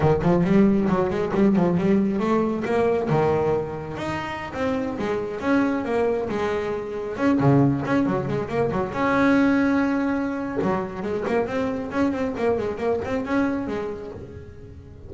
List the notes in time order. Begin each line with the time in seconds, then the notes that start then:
0.00 D#3
0.22 F3
0.44 G3
0.88 F#3
1.09 G#3
1.34 G3
1.56 F3
1.77 G3
2.19 A3
2.65 A#3
3.09 D#3
3.97 D#4
4.53 C4
4.98 G#3
5.40 C#4
5.85 A#3
6.29 G#3
7.17 C#4
7.39 C#3
7.85 C#4
8.06 F#3
8.28 G#3
8.48 A#3
8.71 F#3
8.92 C#4
10.62 F#3
11.02 G#3
11.27 A#3
11.46 C4
11.91 C#4
12.12 C4
12.37 A#3
12.58 G#3
12.78 A#3
13.04 C4
13.25 C#4
13.67 G#3